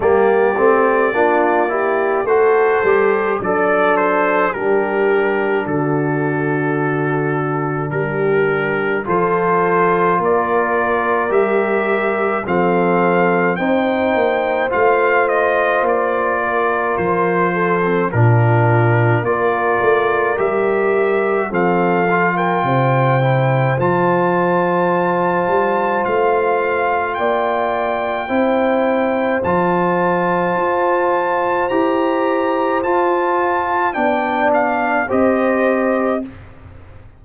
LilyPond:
<<
  \new Staff \with { instrumentName = "trumpet" } { \time 4/4 \tempo 4 = 53 d''2 c''4 d''8 c''8 | ais'4 a'2 ais'4 | c''4 d''4 e''4 f''4 | g''4 f''8 dis''8 d''4 c''4 |
ais'4 d''4 e''4 f''8. g''16~ | g''4 a''2 f''4 | g''2 a''2 | ais''4 a''4 g''8 f''8 dis''4 | }
  \new Staff \with { instrumentName = "horn" } { \time 4/4 g'4 f'8 g'8 a'4 d'4 | g'4 fis'2 g'4 | a'4 ais'2 a'4 | c''2~ c''8 ais'4 a'8 |
f'4 ais'2 a'8. ais'16 | c''1 | d''4 c''2.~ | c''2 d''4 c''4 | }
  \new Staff \with { instrumentName = "trombone" } { \time 4/4 ais8 c'8 d'8 e'8 fis'8 g'8 a'4 | d'1 | f'2 g'4 c'4 | dis'4 f'2~ f'8. c'16 |
d'4 f'4 g'4 c'8 f'8~ | f'8 e'8 f'2.~ | f'4 e'4 f'2 | g'4 f'4 d'4 g'4 | }
  \new Staff \with { instrumentName = "tuba" } { \time 4/4 g8 a8 ais4 a8 g8 fis4 | g4 d2 g4 | f4 ais4 g4 f4 | c'8 ais8 a4 ais4 f4 |
ais,4 ais8 a8 g4 f4 | c4 f4. g8 a4 | ais4 c'4 f4 f'4 | e'4 f'4 b4 c'4 | }
>>